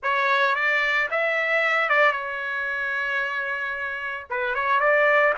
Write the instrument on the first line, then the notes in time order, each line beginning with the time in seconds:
trumpet
0.02 C#5
0.55 D5
1.10 E5
1.89 D5
2.12 C#5
4.30 B4
4.54 C#5
4.79 D5